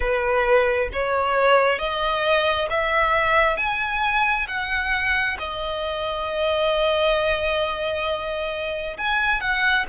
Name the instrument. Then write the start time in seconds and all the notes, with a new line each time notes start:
violin
0.00 B4
0.92 C#5
1.79 D#5
2.70 E5
3.57 G#5
4.47 F#5
5.39 D#5
8.97 G#5
9.40 F#5